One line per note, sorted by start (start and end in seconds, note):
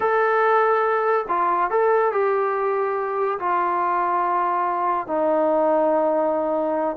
0.00 1.26 A4
1.28 1.70 F4
1.70 2.12 A4
2.12 3.39 G4
3.39 5.07 F4
5.07 6.96 D#4